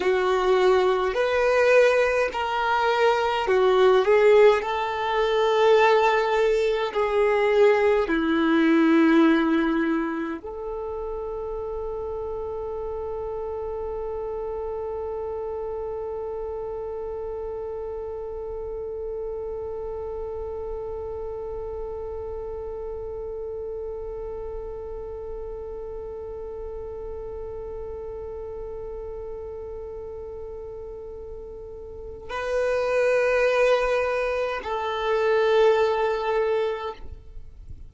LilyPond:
\new Staff \with { instrumentName = "violin" } { \time 4/4 \tempo 4 = 52 fis'4 b'4 ais'4 fis'8 gis'8 | a'2 gis'4 e'4~ | e'4 a'2.~ | a'1~ |
a'1~ | a'1~ | a'1 | b'2 a'2 | }